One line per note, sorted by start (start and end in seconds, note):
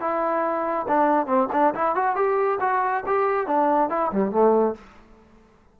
0.00 0.86 E4
0.88 1.26 D4
1.26 1.48 C4
1.52 1.74 D4
1.74 1.95 E4
1.95 2.15 F#4
2.15 2.59 G4
2.60 3.04 F#4
3.06 3.46 G4
3.46 3.89 D4
3.89 4.11 E4
4.12 4.32 G3
4.32 4.75 A3